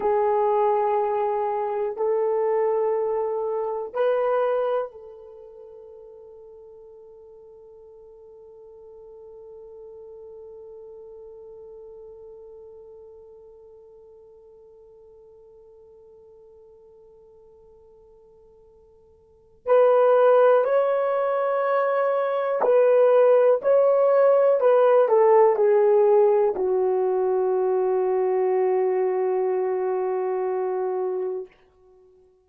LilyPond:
\new Staff \with { instrumentName = "horn" } { \time 4/4 \tempo 4 = 61 gis'2 a'2 | b'4 a'2.~ | a'1~ | a'1~ |
a'1 | b'4 cis''2 b'4 | cis''4 b'8 a'8 gis'4 fis'4~ | fis'1 | }